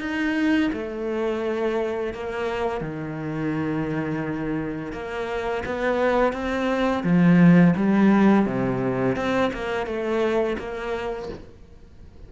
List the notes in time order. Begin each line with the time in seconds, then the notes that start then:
0.00 D#4
0.73 A3
2.14 A#3
2.81 D#3
4.93 A#3
5.66 B3
6.33 C4
7.04 F3
7.76 G3
8.46 C3
9.16 C4
9.53 A#3
9.86 A3
10.59 A#3